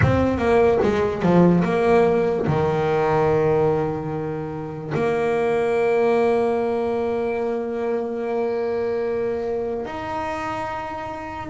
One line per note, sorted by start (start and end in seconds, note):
0.02 0.37 C4
0.37 0.78 A#3
0.83 1.22 G#3
1.22 1.63 F3
1.64 2.46 A#3
2.46 4.93 D#3
4.94 9.85 A#3
9.85 11.50 D#4